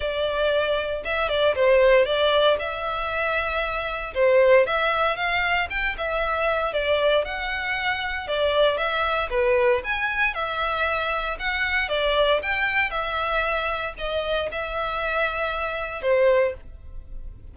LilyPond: \new Staff \with { instrumentName = "violin" } { \time 4/4 \tempo 4 = 116 d''2 e''8 d''8 c''4 | d''4 e''2. | c''4 e''4 f''4 g''8 e''8~ | e''4 d''4 fis''2 |
d''4 e''4 b'4 gis''4 | e''2 fis''4 d''4 | g''4 e''2 dis''4 | e''2. c''4 | }